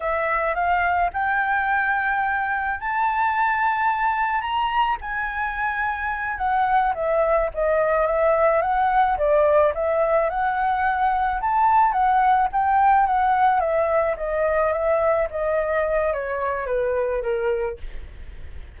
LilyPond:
\new Staff \with { instrumentName = "flute" } { \time 4/4 \tempo 4 = 108 e''4 f''4 g''2~ | g''4 a''2. | ais''4 gis''2~ gis''8 fis''8~ | fis''8 e''4 dis''4 e''4 fis''8~ |
fis''8 d''4 e''4 fis''4.~ | fis''8 a''4 fis''4 g''4 fis''8~ | fis''8 e''4 dis''4 e''4 dis''8~ | dis''4 cis''4 b'4 ais'4 | }